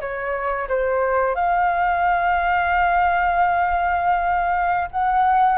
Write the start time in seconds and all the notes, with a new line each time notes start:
0.00 C#5
0.68 C5
1.35 F5
4.91 F#5